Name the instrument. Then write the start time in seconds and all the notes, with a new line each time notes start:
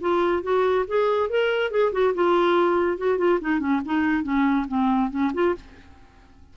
clarinet
0.00 F4
0.43 F#4
0.87 G#4
1.29 A#4
1.70 G#4
1.92 F#4
2.14 F4
2.97 F#4
3.18 F4
3.41 D#4
3.59 C#4
3.85 D#4
4.23 C#4
4.68 C4
5.10 C#4
5.33 F4